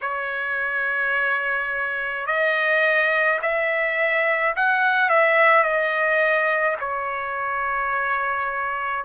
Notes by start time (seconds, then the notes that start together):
0.01 C#5
2.26 D#5
3.42 E5
4.55 F#5
5.09 E5
5.63 D#5
6.79 C#5